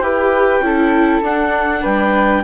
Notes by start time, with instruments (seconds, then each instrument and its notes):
0.00 bassoon E4, viola G4, flute B4, clarinet G5
0.61 bassoon C#4, viola E4, flute A4
1.22 bassoon D4, viola D4, clarinet F#5
1.82 bassoon G3, flute B4, clarinet G5